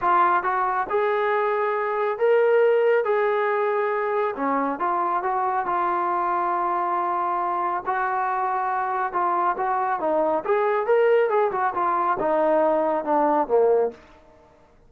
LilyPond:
\new Staff \with { instrumentName = "trombone" } { \time 4/4 \tempo 4 = 138 f'4 fis'4 gis'2~ | gis'4 ais'2 gis'4~ | gis'2 cis'4 f'4 | fis'4 f'2.~ |
f'2 fis'2~ | fis'4 f'4 fis'4 dis'4 | gis'4 ais'4 gis'8 fis'8 f'4 | dis'2 d'4 ais4 | }